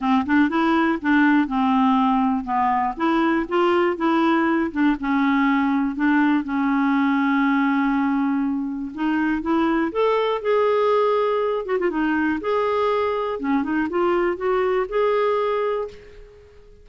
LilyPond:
\new Staff \with { instrumentName = "clarinet" } { \time 4/4 \tempo 4 = 121 c'8 d'8 e'4 d'4 c'4~ | c'4 b4 e'4 f'4 | e'4. d'8 cis'2 | d'4 cis'2.~ |
cis'2 dis'4 e'4 | a'4 gis'2~ gis'8 fis'16 f'16 | dis'4 gis'2 cis'8 dis'8 | f'4 fis'4 gis'2 | }